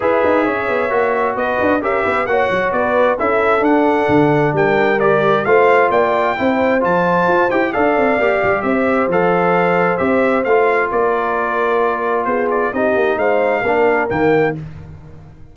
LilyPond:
<<
  \new Staff \with { instrumentName = "trumpet" } { \time 4/4 \tempo 4 = 132 e''2. dis''4 | e''4 fis''4 d''4 e''4 | fis''2 g''4 d''4 | f''4 g''2 a''4~ |
a''8 g''8 f''2 e''4 | f''2 e''4 f''4 | d''2. c''8 d''8 | dis''4 f''2 g''4 | }
  \new Staff \with { instrumentName = "horn" } { \time 4/4 b'4 cis''2 b'4 | ais'8 b'8 cis''4 b'4 a'4~ | a'2 ais'2 | c''4 d''4 c''2~ |
c''4 d''2 c''4~ | c''1 | ais'2. gis'4 | g'4 c''4 ais'2 | }
  \new Staff \with { instrumentName = "trombone" } { \time 4/4 gis'2 fis'2 | g'4 fis'2 e'4 | d'2. g'4 | f'2 e'4 f'4~ |
f'8 g'8 a'4 g'2 | a'2 g'4 f'4~ | f'1 | dis'2 d'4 ais4 | }
  \new Staff \with { instrumentName = "tuba" } { \time 4/4 e'8 dis'8 cis'8 b8 ais4 b8 d'8 | cis'8 b8 ais8 fis8 b4 cis'4 | d'4 d4 g2 | a4 ais4 c'4 f4 |
f'8 e'8 d'8 c'8 ais8 g8 c'4 | f2 c'4 a4 | ais2. b4 | c'8 ais8 gis4 ais4 dis4 | }
>>